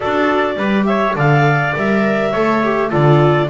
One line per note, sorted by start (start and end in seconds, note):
0.00 0.56 D4
0.00 0.57 F#4
0.00 0.56 A4
0.00 0.85 D5
0.56 1.14 G3
0.56 1.16 G4
0.56 0.87 B4
0.85 1.16 C#5
0.85 1.14 E5
1.15 1.74 D3
1.15 1.74 A4
1.15 2.31 D5
1.15 1.76 F5
1.76 2.34 G3
1.76 2.34 A#4
1.76 2.92 E5
2.31 2.92 A3
2.31 2.63 A4
2.31 2.89 C#5
2.63 2.90 G4
2.89 3.49 D3
2.89 3.48 F4
2.89 3.48 A4
2.89 3.49 D5